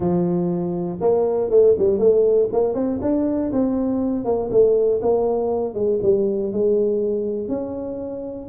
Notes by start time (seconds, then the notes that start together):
0.00 F3
1.00 A#3
1.50 A3
1.78 G3
1.98 A3
2.52 A#3
2.74 C4
3.01 D4
3.52 C4
4.24 A#3
4.50 A3
5.02 A#3
5.74 G#3
6.02 G3
6.52 G#3
7.48 C#4